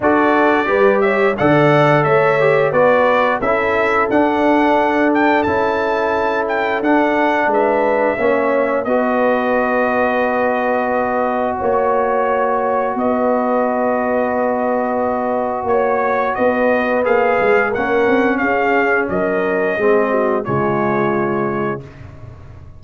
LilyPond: <<
  \new Staff \with { instrumentName = "trumpet" } { \time 4/4 \tempo 4 = 88 d''4. e''8 fis''4 e''4 | d''4 e''4 fis''4. g''8 | a''4. g''8 fis''4 e''4~ | e''4 dis''2.~ |
dis''4 cis''2 dis''4~ | dis''2. cis''4 | dis''4 f''4 fis''4 f''4 | dis''2 cis''2 | }
  \new Staff \with { instrumentName = "horn" } { \time 4/4 a'4 b'8 cis''8 d''4 cis''4 | b'4 a'2.~ | a'2. b'4 | cis''4 b'2.~ |
b'4 cis''2 b'4~ | b'2. cis''4 | b'2 ais'4 gis'4 | ais'4 gis'8 fis'8 f'2 | }
  \new Staff \with { instrumentName = "trombone" } { \time 4/4 fis'4 g'4 a'4. g'8 | fis'4 e'4 d'2 | e'2 d'2 | cis'4 fis'2.~ |
fis'1~ | fis'1~ | fis'4 gis'4 cis'2~ | cis'4 c'4 gis2 | }
  \new Staff \with { instrumentName = "tuba" } { \time 4/4 d'4 g4 d4 a4 | b4 cis'4 d'2 | cis'2 d'4 gis4 | ais4 b2.~ |
b4 ais2 b4~ | b2. ais4 | b4 ais8 gis8 ais8 c'8 cis'4 | fis4 gis4 cis2 | }
>>